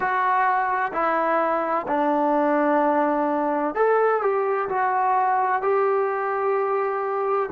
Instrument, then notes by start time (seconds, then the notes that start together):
trombone
0.00 F#4
0.92 E4
1.87 D4
3.74 A4
4.21 G4
4.69 F#4
5.62 G4